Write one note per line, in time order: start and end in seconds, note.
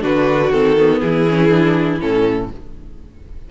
0.00 0.52 D3
0.00 0.49 D4
0.00 1.00 F#4
0.00 0.51 B4
0.51 1.01 D#3
0.51 0.77 C4
0.51 1.00 A4
0.77 1.26 B3
1.00 2.01 E3
1.00 2.48 E4
1.00 1.99 G#4
1.28 1.50 C#4
1.50 1.99 D4
2.00 2.51 A2
2.00 2.49 C#4
2.00 2.50 A4